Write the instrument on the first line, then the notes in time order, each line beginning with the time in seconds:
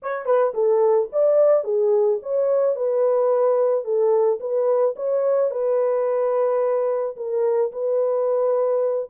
horn
0.02 C#5
0.25 B4
0.54 A4
1.12 D5
1.63 G#4
2.22 C#5
2.75 B4
3.84 A4
4.39 B4
4.96 C#5
5.50 B4
7.16 A#4
7.72 B4